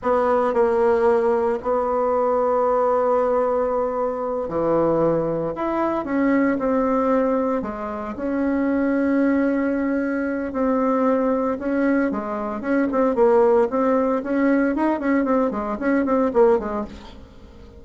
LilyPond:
\new Staff \with { instrumentName = "bassoon" } { \time 4/4 \tempo 4 = 114 b4 ais2 b4~ | b1~ | b8 e2 e'4 cis'8~ | cis'8 c'2 gis4 cis'8~ |
cis'1 | c'2 cis'4 gis4 | cis'8 c'8 ais4 c'4 cis'4 | dis'8 cis'8 c'8 gis8 cis'8 c'8 ais8 gis8 | }